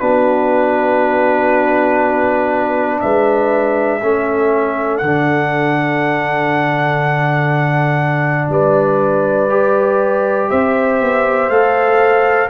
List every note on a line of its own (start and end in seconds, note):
0.00 3.01 B3
0.00 4.01 D4
0.00 3.01 F#4
0.00 3.00 B4
3.00 4.02 G#3
3.00 4.02 B4
3.00 4.98 E5
4.02 5.02 A3
4.02 5.03 C#4
4.02 8.51 A4
4.98 8.50 D3
4.98 9.50 D4
4.98 8.48 F#5
8.50 10.50 G3
8.50 10.50 B4
8.50 10.50 D5
9.50 11.50 G4
10.50 11.01 C4
10.50 12.50 C5
10.50 11.50 E5
11.01 11.50 B3
11.50 12.50 A3
11.50 12.50 A4
11.50 12.50 F5